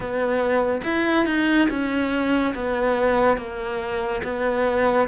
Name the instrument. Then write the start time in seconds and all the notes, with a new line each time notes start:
cello
0.00 B3
0.84 E4
1.26 D#4
1.69 C#4
2.54 B3
3.36 A#3
4.23 B3